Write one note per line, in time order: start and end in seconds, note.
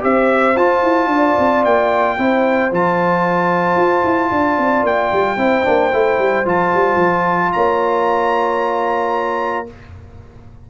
0.00 0.55 C4
0.00 0.54 G4
0.00 1.11 C5
0.00 0.57 E5
0.55 0.82 F4
0.55 2.18 F4
0.55 1.64 A5
0.82 1.07 E4
1.07 1.33 D4
1.07 2.17 D5
1.39 1.65 C4
1.65 2.18 A#3
1.65 2.72 G5
2.17 2.71 C4
2.17 2.71 E4
2.17 4.31 C5
2.71 3.76 F3
2.71 5.37 F4
2.71 4.85 A5
3.76 4.03 F4
4.04 4.30 E4
4.31 4.58 D4
4.31 5.40 D5
4.58 4.83 C4
4.83 5.09 A#3
4.83 6.46 G5
5.12 5.36 G3
5.36 5.63 C4
5.36 5.64 E4
5.36 7.53 C5
5.64 5.93 A#3
5.64 5.90 D4
5.93 6.18 A3
5.93 6.45 E4
6.18 6.45 G3
6.45 6.72 F3
6.45 9.67 F4
6.45 7.52 A5
6.74 6.95 G3
6.95 7.49 F3
7.52 9.70 A#3
7.52 9.68 C#5
7.52 9.66 A#5